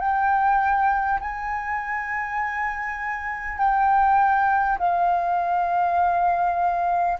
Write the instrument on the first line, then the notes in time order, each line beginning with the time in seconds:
flute
0.00 G5
1.21 G#5
3.58 G5
4.79 F5